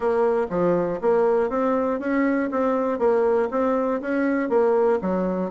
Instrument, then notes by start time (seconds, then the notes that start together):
bassoon
0.00 A#3
0.50 F3
1.01 A#3
1.49 C4
1.99 C#4
2.51 C4
2.99 A#3
3.50 C4
4.01 C#4
4.49 A#3
5.01 F#3